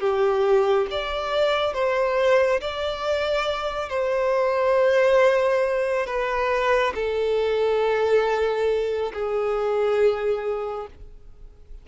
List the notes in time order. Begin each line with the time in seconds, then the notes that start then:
0.00 G4
0.91 D5
1.74 C5
2.61 D5
3.89 C5
6.06 B4
6.95 A4
9.13 G#4